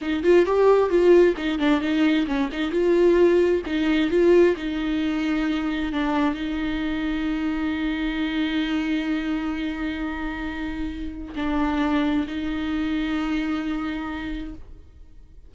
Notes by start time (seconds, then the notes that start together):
0.01 D#4
0.23 F4
0.45 G4
0.89 F4
1.36 D#4
1.58 D4
1.80 D#4
2.26 C#4
2.52 D#4
2.71 F4
3.65 D#4
4.10 F4
4.56 D#4
5.92 D4
6.34 D#4
11.35 D4
12.27 D#4